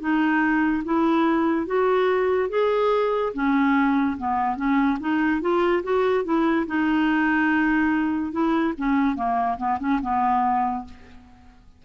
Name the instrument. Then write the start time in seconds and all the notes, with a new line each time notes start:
clarinet
0.00 D#4
0.85 E4
1.67 F#4
2.50 G#4
3.34 C#4
4.18 B3
4.56 C#4
5.00 D#4
5.41 F4
5.83 F#4
6.25 E4
6.67 D#4
8.32 E4
8.78 C#4
9.16 A#3
9.58 B3
9.80 C#4
10.02 B3